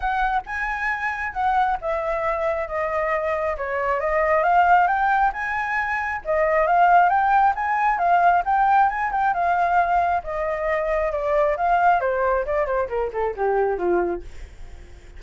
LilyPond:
\new Staff \with { instrumentName = "flute" } { \time 4/4 \tempo 4 = 135 fis''4 gis''2 fis''4 | e''2 dis''2 | cis''4 dis''4 f''4 g''4 | gis''2 dis''4 f''4 |
g''4 gis''4 f''4 g''4 | gis''8 g''8 f''2 dis''4~ | dis''4 d''4 f''4 c''4 | d''8 c''8 ais'8 a'8 g'4 f'4 | }